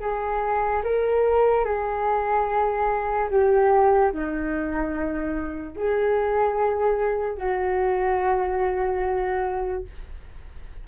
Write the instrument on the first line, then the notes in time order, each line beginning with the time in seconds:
flute
0.00 G#4
0.83 A#4
1.64 G#4
3.30 G4
4.12 D#4
5.76 G#4
7.37 F#4